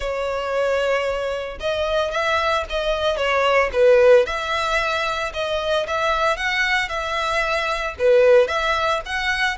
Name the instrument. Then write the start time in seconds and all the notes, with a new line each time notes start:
violin
0.00 C#5
1.59 D#5
2.11 E5
2.69 D#5
3.16 C#5
3.72 B4
4.26 E5
5.33 D#5
5.87 E5
6.36 F#5
6.88 E5
7.98 B4
8.47 E5
9.05 F#5